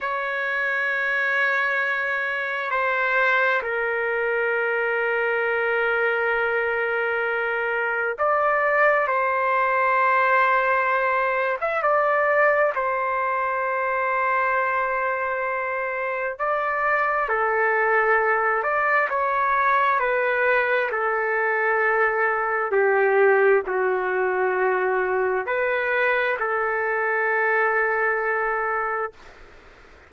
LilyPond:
\new Staff \with { instrumentName = "trumpet" } { \time 4/4 \tempo 4 = 66 cis''2. c''4 | ais'1~ | ais'4 d''4 c''2~ | c''8. e''16 d''4 c''2~ |
c''2 d''4 a'4~ | a'8 d''8 cis''4 b'4 a'4~ | a'4 g'4 fis'2 | b'4 a'2. | }